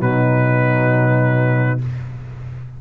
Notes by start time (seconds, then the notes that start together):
0.00 B2 F#3 D#4 B4